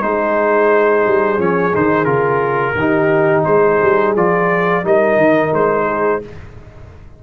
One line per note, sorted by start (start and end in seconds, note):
0.00 1.06 G#3
0.00 1.38 D#4
0.00 2.78 G#4
0.00 1.40 C5
1.07 1.39 G3
1.38 1.73 F3
1.38 1.72 C#4
1.38 1.75 C#5
1.74 2.05 D#3
1.74 2.05 D#4
1.74 2.05 C5
2.05 2.74 C#3
2.05 2.74 F4
2.05 3.43 A#4
2.74 3.43 D#3
2.74 4.16 D#4
2.74 3.46 G4
3.45 3.81 G#3
3.45 4.84 G#4
3.45 4.14 C5
3.82 4.16 G3
4.16 4.84 F3
4.16 4.84 F4
4.16 4.86 D5
4.84 5.17 G3
4.84 6.22 D#4
4.84 5.86 A#4
4.84 5.54 D#5
5.17 5.51 D#3
5.53 6.22 G#3
5.53 6.23 C5
5.86 6.20 G#4